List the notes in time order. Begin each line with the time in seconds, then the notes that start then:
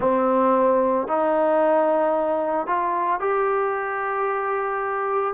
0.00 C4
1.07 D#4
2.66 F4
3.19 G4